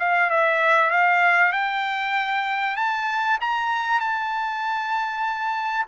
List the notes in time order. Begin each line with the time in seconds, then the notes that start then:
0.00 F5
0.30 E5
0.91 F5
1.53 G5
2.77 A5
3.41 A#5
4.00 A5